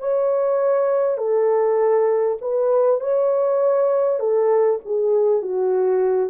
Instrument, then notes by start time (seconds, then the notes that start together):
horn
0.00 C#5
1.18 A4
2.42 B4
3.01 C#5
4.20 A4
4.86 G#4
5.42 F#4